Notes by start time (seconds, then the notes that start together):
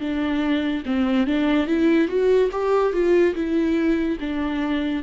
0.00 D4
0.86 C4
1.27 D4
1.67 E4
2.08 F#4
2.52 G4
2.93 F4
3.35 E4
4.20 D4